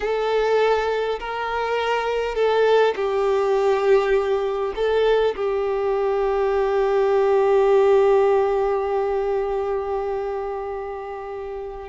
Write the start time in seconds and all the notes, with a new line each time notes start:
0.00 A4
1.19 A#4
2.35 A4
2.95 G4
4.75 A4
5.35 G4